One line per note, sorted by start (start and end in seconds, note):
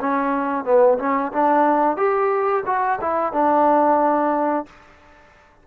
0.00 0.65 C#4
0.65 0.98 B3
0.98 1.32 C#4
1.32 1.97 D4
1.97 2.64 G4
2.66 2.99 F#4
3.01 3.33 E4
3.33 4.66 D4